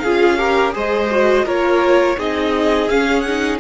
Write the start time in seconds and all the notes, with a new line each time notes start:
0.00 C#4 F4 G#4 F5
0.38 G4 A#4
0.72 G#3 G#4 C5 D#5
1.11 F#4
1.45 A#3 F4 A#4 C#5
2.18 C4 D#4 G#4 D#5
2.89 C#4 F5
3.21 D#4 F#5